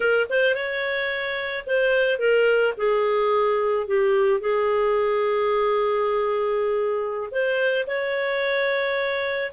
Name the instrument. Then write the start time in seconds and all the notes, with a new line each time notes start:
clarinet
0.00 A#4
0.29 C5
0.54 C#5
1.66 C5
2.18 A#4
2.77 G#4
3.87 G4
4.40 G#4
7.31 C5
7.86 C#5